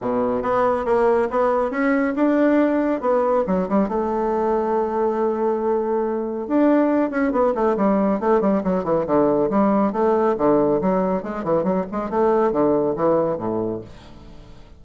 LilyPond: \new Staff \with { instrumentName = "bassoon" } { \time 4/4 \tempo 4 = 139 b,4 b4 ais4 b4 | cis'4 d'2 b4 | fis8 g8 a2.~ | a2. d'4~ |
d'8 cis'8 b8 a8 g4 a8 g8 | fis8 e8 d4 g4 a4 | d4 fis4 gis8 e8 fis8 gis8 | a4 d4 e4 a,4 | }